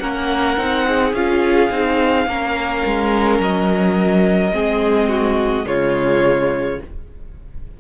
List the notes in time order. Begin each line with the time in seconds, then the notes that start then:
0.00 A#3 C#4 A#4 F#5
0.57 C4 D#4
0.87 G#4
1.13 C#4 F4 F5
1.71 C4 D#4
2.26 A#3 C#4 A#4
2.86 G#3
3.39 F#3 D#5
4.52 G#3 C4 G#4
5.09 F#4
5.65 C#3 G#3 F4 C#5